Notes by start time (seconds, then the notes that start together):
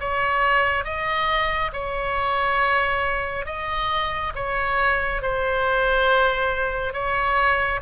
0.00 C#5
0.85 D#5
1.73 C#5
3.46 D#5
4.36 C#5
5.22 C5
6.94 C#5